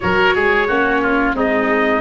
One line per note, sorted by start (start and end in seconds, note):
0.00 0.35 F#3
0.00 0.68 F#4
0.00 0.34 A#4
0.00 1.35 C#5
0.34 0.69 G#3
0.34 0.67 G#4
0.67 1.34 A#3
0.67 1.35 C#4
0.67 1.01 F#4
1.02 1.35 F4
1.34 2.01 G#3
1.34 2.01 C4
1.34 2.01 D#4
1.34 2.01 D#5